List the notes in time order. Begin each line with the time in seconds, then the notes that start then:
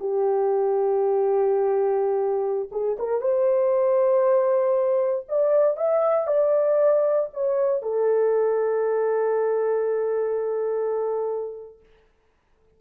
0.00 G4
2.72 G#4
2.99 A#4
3.21 C5
5.29 D5
5.77 E5
6.27 D5
7.34 C#5
7.83 A4